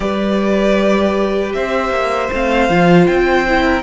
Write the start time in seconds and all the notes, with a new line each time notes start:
0.00 G3 G4 B4 D5
1.53 C4 C5 E5
1.90 A#3
2.32 A3 C4 F5
2.69 F3 F4
3.06 C4 G5
3.47 E4
3.63 A#4